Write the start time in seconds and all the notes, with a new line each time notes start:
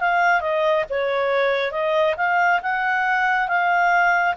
0.00 F5
0.41 D#5
0.89 C#5
1.72 D#5
2.17 F5
2.62 F#5
3.48 F5